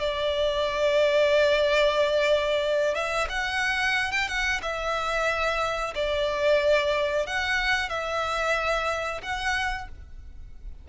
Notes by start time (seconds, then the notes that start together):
0.00 D5
2.95 E5
3.30 F#5
4.12 G5
4.28 F#5
4.62 E5
5.95 D5
7.26 F#5
7.90 E5
9.23 F#5